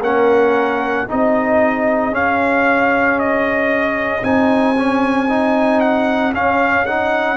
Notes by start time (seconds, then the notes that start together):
0.00 A#3 C#4 A#4 F#5
1.07 C4 D#4 G#4 D#5
2.12 C#4 F5
3.19 D#5
4.23 C4 D#4 G#5
4.78 C#4
5.29 D#4
5.80 F#5
6.34 C#4 F5
6.86 D#4 F#5